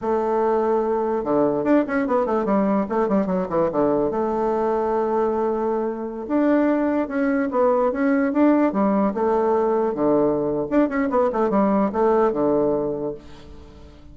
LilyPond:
\new Staff \with { instrumentName = "bassoon" } { \time 4/4 \tempo 4 = 146 a2. d4 | d'8 cis'8 b8 a8 g4 a8 g8 | fis8 e8 d4 a2~ | a2.~ a16 d'8.~ |
d'4~ d'16 cis'4 b4 cis'8.~ | cis'16 d'4 g4 a4.~ a16~ | a16 d4.~ d16 d'8 cis'8 b8 a8 | g4 a4 d2 | }